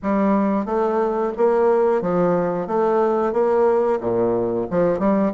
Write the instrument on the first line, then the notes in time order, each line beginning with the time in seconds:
bassoon
0.02 G3
0.65 A3
1.37 A#3
2.01 F3
2.67 A3
3.32 A#3
4.00 A#2
4.70 F3
4.99 G3